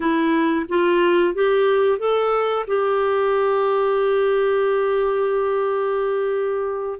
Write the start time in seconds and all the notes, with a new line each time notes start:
0.00 E4
0.68 F4
1.34 G4
1.98 A4
2.67 G4